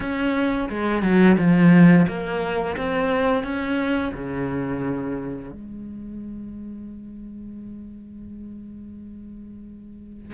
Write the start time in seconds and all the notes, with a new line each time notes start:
0.00 C#4
0.69 G#3
1.02 F#3
1.37 F3
2.07 A#3
2.76 C4
3.43 C#4
4.14 C#3
5.51 G#3